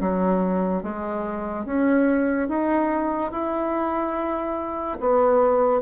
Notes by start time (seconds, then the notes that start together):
0.00 F#3
0.83 G#3
1.65 C#4
2.48 D#4
3.31 E4
5.00 B3